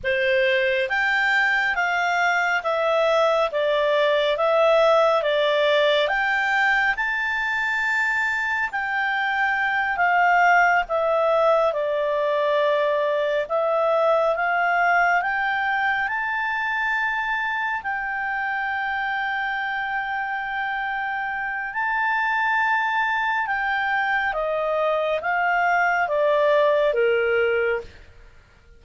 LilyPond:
\new Staff \with { instrumentName = "clarinet" } { \time 4/4 \tempo 4 = 69 c''4 g''4 f''4 e''4 | d''4 e''4 d''4 g''4 | a''2 g''4. f''8~ | f''8 e''4 d''2 e''8~ |
e''8 f''4 g''4 a''4.~ | a''8 g''2.~ g''8~ | g''4 a''2 g''4 | dis''4 f''4 d''4 ais'4 | }